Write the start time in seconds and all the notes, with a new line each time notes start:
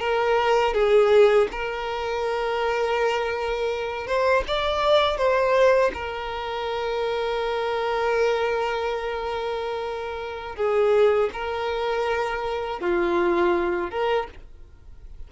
0.00 A#4
0.74 G#4
1.52 A#4
4.07 C5
4.48 D5
5.18 C5
5.94 A#4
10.56 G#4
11.33 A#4
12.80 F4
13.91 A#4